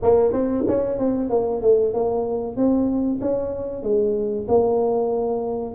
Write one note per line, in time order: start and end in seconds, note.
0.02 0.32 A#3
0.32 0.64 C4
0.67 0.98 C#4
0.98 1.29 C4
1.29 1.61 A#3
1.61 1.93 A3
1.93 2.56 A#3
2.56 3.20 C4
3.21 3.82 C#4
3.82 4.46 G#3
4.47 5.74 A#3